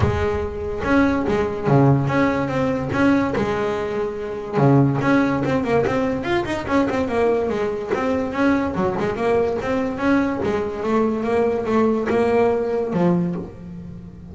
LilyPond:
\new Staff \with { instrumentName = "double bass" } { \time 4/4 \tempo 4 = 144 gis2 cis'4 gis4 | cis4 cis'4 c'4 cis'4 | gis2. cis4 | cis'4 c'8 ais8 c'4 f'8 dis'8 |
cis'8 c'8 ais4 gis4 c'4 | cis'4 fis8 gis8 ais4 c'4 | cis'4 gis4 a4 ais4 | a4 ais2 f4 | }